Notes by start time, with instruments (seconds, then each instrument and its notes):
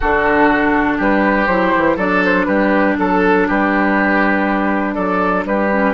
0.00 bassoon D3, clarinet D4, oboe F#4, flute A4
0.97 bassoon G3, oboe G4, flute B4
1.46 bassoon F#3, clarinet E4, flute C5
1.76 bassoon E3
1.96 bassoon F#3, clarinet D4, oboe A4, flute D5
2.24 flute C5
2.45 bassoon G3, oboe G4, flute B4
2.98 bassoon F#3, flute A4, oboe A4
3.47 bassoon G3, oboe G4, flute B4
4.94 bassoon F#3, oboe A4, flute D5
5.45 bassoon G3, oboe G4, flute B4
5.70 clarinet C#4